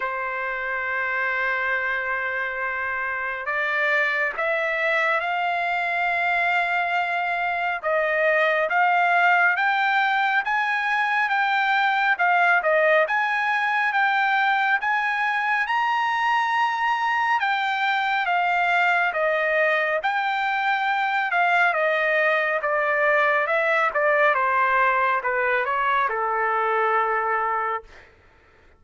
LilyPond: \new Staff \with { instrumentName = "trumpet" } { \time 4/4 \tempo 4 = 69 c''1 | d''4 e''4 f''2~ | f''4 dis''4 f''4 g''4 | gis''4 g''4 f''8 dis''8 gis''4 |
g''4 gis''4 ais''2 | g''4 f''4 dis''4 g''4~ | g''8 f''8 dis''4 d''4 e''8 d''8 | c''4 b'8 cis''8 a'2 | }